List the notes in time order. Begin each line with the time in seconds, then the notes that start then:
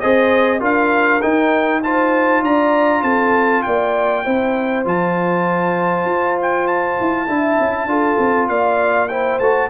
0.00 C4 G#4 C5 D#5
0.60 D4 F4 A#4 F5
1.21 D#4 G5
1.83 F4 C5 A5
2.42 D4 D5 A#5
3.03 C4 A4 A5
3.62 A#3 D5 G5
4.24 C4 E4 C5
4.85 F3 F4 A5
6.05 F4
6.42 G5
6.67 A5
7.00 E4
7.28 D4 E4 E5
7.60 C#4
7.86 D4 F4 A4
8.18 C4
8.48 A#3 D5 F5
9.08 E4 C5 G5
9.39 A3 F#4 A5